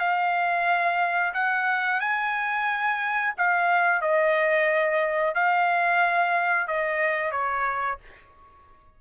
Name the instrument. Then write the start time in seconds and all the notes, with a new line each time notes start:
trumpet
0.00 F5
1.35 F#5
2.01 G#5
3.38 F5
4.02 D#5
5.35 F5
6.68 D#5
7.32 C#5